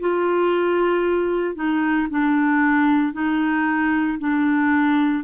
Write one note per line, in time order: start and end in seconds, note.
0.00 1.55 F4
1.55 2.08 D#4
2.10 3.13 D4
3.13 4.18 D#4
4.19 5.24 D4